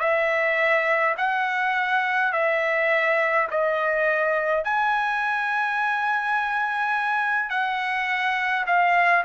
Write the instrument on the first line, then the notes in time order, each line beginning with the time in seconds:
trumpet
0.00 E5
1.17 F#5
2.32 E5
3.51 D#5
4.65 G#5
7.50 F#5
8.67 F5